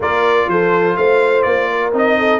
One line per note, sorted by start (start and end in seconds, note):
0.00 0.47 A#3
0.00 1.93 F4
0.00 0.48 A#4
0.00 0.49 D5
0.47 0.96 F3
0.47 0.97 A4
0.47 0.96 C5
0.96 1.45 A3
0.96 1.69 C5
0.96 1.42 F5
1.42 1.93 A#3
1.42 1.91 D5
1.69 2.18 A#4
1.93 2.39 C4
1.93 2.39 D#4
1.93 2.39 D#5
2.18 2.39 A4